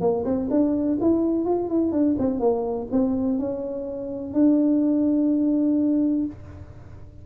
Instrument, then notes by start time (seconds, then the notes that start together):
tuba
0.00 A#3
0.24 C4
0.50 D4
1.00 E4
1.45 F4
1.68 E4
1.92 D4
2.18 C4
2.39 A#3
2.91 C4
3.38 C#4
4.33 D4